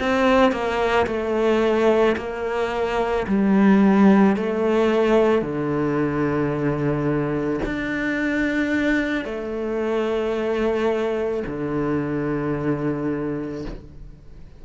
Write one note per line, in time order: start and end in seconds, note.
0.00 0.52 C4
0.52 1.07 A#3
1.07 2.16 A3
2.17 3.26 A#3
3.28 4.37 G3
4.37 5.42 A3
5.42 7.60 D3
7.65 9.25 D4
9.25 11.43 A3
11.47 13.66 D3